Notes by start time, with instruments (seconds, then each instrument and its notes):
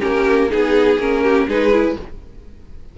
0.00 cello A#3, viola C#4, violin G4 A#4
0.50 cello B3, viola D#4, violin G#4
0.98 cello A#3, viola C#4, violin A#4
1.23 violin G4
1.47 cello G#3, viola D#4, violin G#4 B4
1.72 viola E4